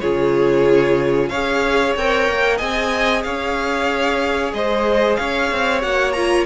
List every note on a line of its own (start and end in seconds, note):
0.00 1.31 C#3
0.00 1.31 F4
0.00 1.30 G#4
0.00 1.29 C#5
1.29 1.96 C#4
1.29 1.97 G#4
1.29 2.57 C#5
1.29 1.93 F5
1.96 2.28 C4
1.96 2.59 A#4
1.96 2.58 G5
2.28 2.60 A#3
2.57 3.25 C4
2.57 5.81 G#4
2.57 3.22 D#5
2.57 3.22 G#5
3.23 4.53 C#4
3.23 4.55 C#5
3.23 4.52 F5
4.53 5.18 G#3
4.53 5.20 C5
4.53 5.17 D#5
5.17 5.51 C#4
5.17 6.46 C#5
5.17 5.81 F5
5.51 5.84 C4
5.81 6.46 A#3
5.81 6.14 F#4
5.81 6.12 F#5
6.12 6.46 F4
6.12 6.45 A#5